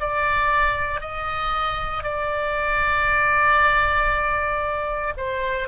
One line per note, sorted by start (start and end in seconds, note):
0.00 1.01 D5
1.01 2.04 D#5
2.04 5.14 D5
5.17 5.68 C5